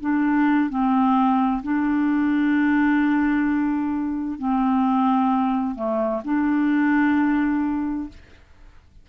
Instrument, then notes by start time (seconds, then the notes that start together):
clarinet
0.00 D4
0.69 C4
1.63 D4
4.38 C4
5.75 A3
6.24 D4